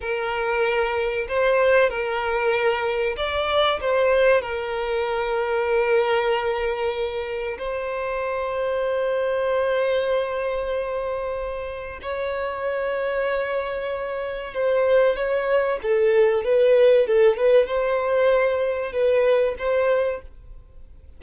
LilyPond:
\new Staff \with { instrumentName = "violin" } { \time 4/4 \tempo 4 = 95 ais'2 c''4 ais'4~ | ais'4 d''4 c''4 ais'4~ | ais'1 | c''1~ |
c''2. cis''4~ | cis''2. c''4 | cis''4 a'4 b'4 a'8 b'8 | c''2 b'4 c''4 | }